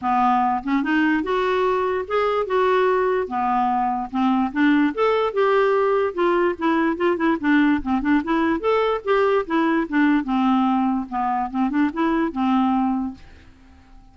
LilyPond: \new Staff \with { instrumentName = "clarinet" } { \time 4/4 \tempo 4 = 146 b4. cis'8 dis'4 fis'4~ | fis'4 gis'4 fis'2 | b2 c'4 d'4 | a'4 g'2 f'4 |
e'4 f'8 e'8 d'4 c'8 d'8 | e'4 a'4 g'4 e'4 | d'4 c'2 b4 | c'8 d'8 e'4 c'2 | }